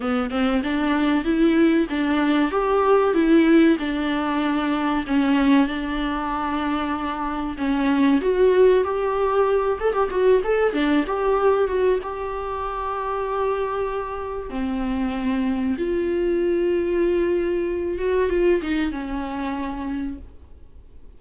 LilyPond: \new Staff \with { instrumentName = "viola" } { \time 4/4 \tempo 4 = 95 b8 c'8 d'4 e'4 d'4 | g'4 e'4 d'2 | cis'4 d'2. | cis'4 fis'4 g'4. a'16 g'16 |
fis'8 a'8 d'8 g'4 fis'8 g'4~ | g'2. c'4~ | c'4 f'2.~ | f'8 fis'8 f'8 dis'8 cis'2 | }